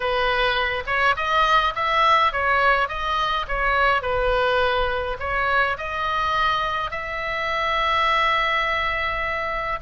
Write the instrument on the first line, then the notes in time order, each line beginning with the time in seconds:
oboe
0.00 B4
0.86 C#5
1.16 D#5
1.75 E5
2.32 C#5
2.88 D#5
3.48 C#5
4.01 B4
5.19 C#5
5.77 D#5
6.90 E5